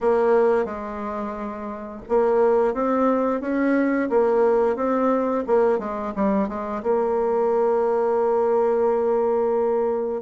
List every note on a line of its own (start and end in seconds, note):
0.00 0.65 A#3
0.65 2.01 G#3
2.08 2.73 A#3
2.73 3.41 C4
3.41 4.09 C#4
4.09 4.75 A#3
4.75 5.44 C4
5.46 5.79 A#3
5.79 6.13 G#3
6.15 6.48 G3
6.48 6.82 G#3
6.82 10.21 A#3